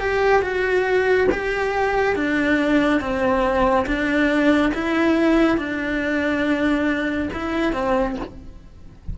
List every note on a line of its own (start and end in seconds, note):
0.00 0.42 G4
0.42 1.28 F#4
1.32 2.15 G4
2.15 3.01 D4
3.01 3.86 C4
3.87 4.73 D4
4.74 5.58 E4
5.58 7.29 D4
7.34 7.73 E4
7.73 8.16 C4